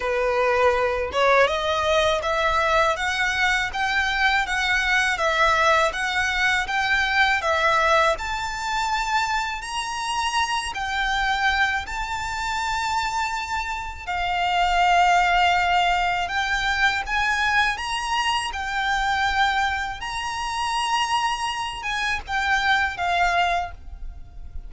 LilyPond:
\new Staff \with { instrumentName = "violin" } { \time 4/4 \tempo 4 = 81 b'4. cis''8 dis''4 e''4 | fis''4 g''4 fis''4 e''4 | fis''4 g''4 e''4 a''4~ | a''4 ais''4. g''4. |
a''2. f''4~ | f''2 g''4 gis''4 | ais''4 g''2 ais''4~ | ais''4. gis''8 g''4 f''4 | }